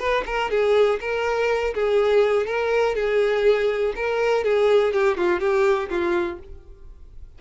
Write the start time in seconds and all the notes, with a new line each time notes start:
0.00 B4
0.26 A#4
0.51 G#4
1.01 A#4
1.75 G#4
2.47 A#4
2.96 G#4
3.96 A#4
4.44 G#4
4.94 G4
5.18 F4
5.41 G4
5.90 F4